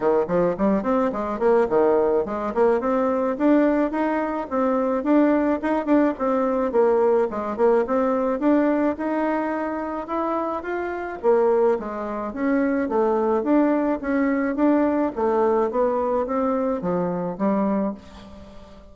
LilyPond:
\new Staff \with { instrumentName = "bassoon" } { \time 4/4 \tempo 4 = 107 dis8 f8 g8 c'8 gis8 ais8 dis4 | gis8 ais8 c'4 d'4 dis'4 | c'4 d'4 dis'8 d'8 c'4 | ais4 gis8 ais8 c'4 d'4 |
dis'2 e'4 f'4 | ais4 gis4 cis'4 a4 | d'4 cis'4 d'4 a4 | b4 c'4 f4 g4 | }